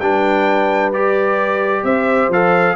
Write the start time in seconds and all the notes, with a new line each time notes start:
0.00 G3 D4 B4 G5
0.93 G4 D5
1.84 C4 C5 E5
2.29 F3 A4 F5